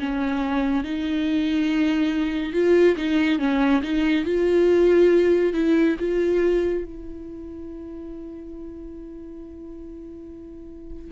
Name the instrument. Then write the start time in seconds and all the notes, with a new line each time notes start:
viola
0.00 C#4
0.84 D#4
2.53 F4
2.97 D#4
3.39 C#4
3.83 D#4
4.25 F4
5.54 E4
5.99 F4
6.85 E4